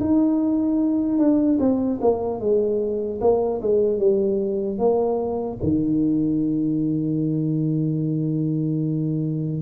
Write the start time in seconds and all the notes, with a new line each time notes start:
0.00 D#4
1.18 D4
1.59 C4
2.01 A#3
2.40 G#3
3.21 A#3
3.62 G#3
3.99 G3
4.78 A#3
5.63 D#3